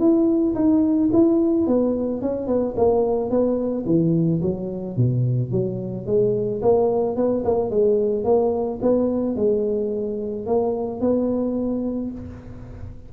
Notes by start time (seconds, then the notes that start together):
0.00 E4
0.55 D#4
1.13 E4
1.67 B3
2.22 C#4
2.47 B3
2.77 A#3
3.31 B3
3.86 E3
4.42 F#3
4.97 B2
5.52 F#3
6.07 G#3
6.62 A#3
7.17 B3
7.45 A#3
7.70 G#3
8.25 A#3
8.82 B3
9.36 G#3
10.47 A#3
11.01 B3